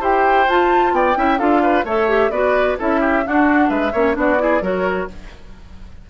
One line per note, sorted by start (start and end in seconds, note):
0.00 0.46 E4
0.00 0.46 G4
0.00 0.92 C5
0.00 0.49 G5
0.47 0.92 F4
0.47 1.15 F4
0.47 0.95 A5
0.92 1.15 B3
0.92 1.17 D5
0.92 1.38 G5
1.15 1.40 C#4
1.15 1.38 E4
1.15 1.38 E5
1.38 1.84 D4
1.38 1.85 F4
1.38 1.61 A4
1.38 1.85 F5
1.63 1.85 B4
1.84 2.30 A3
1.84 2.08 A4
1.84 2.31 C#5
1.84 2.31 E5
2.08 2.31 G4
2.30 2.76 B3
2.30 2.78 F#4
2.30 2.77 B4
2.30 2.77 D5
2.78 3.26 C#4
2.78 3.23 E4
2.78 3.00 A4
2.78 3.27 E5
3.00 3.23 G4
3.23 3.93 D4
3.23 3.69 D4
3.23 3.69 F#4
3.23 3.69 F#5
3.69 3.92 G#3
3.69 3.92 B4
3.69 4.15 E5
3.92 4.16 A#3
3.92 4.13 C#4
3.92 4.15 C#5
4.13 4.61 B3
4.13 4.36 D4
4.13 4.42 F#4
4.13 4.63 D5
4.38 4.61 E4
4.38 4.62 G#4
4.61 5.07 F#3
4.61 5.08 F#4
4.61 5.08 A#4
4.61 5.10 C#5